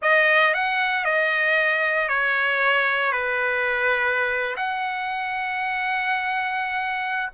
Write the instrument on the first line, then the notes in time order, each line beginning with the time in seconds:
trumpet
0.02 D#5
0.54 F#5
1.05 D#5
2.08 C#5
3.12 B4
4.56 F#5